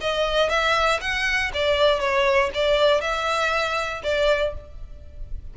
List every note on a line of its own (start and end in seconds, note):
0.00 0.49 D#5
0.49 0.99 E5
1.01 1.51 F#5
1.54 1.99 D5
1.99 2.50 C#5
2.54 3.01 D5
3.01 4.02 E5
4.03 4.53 D5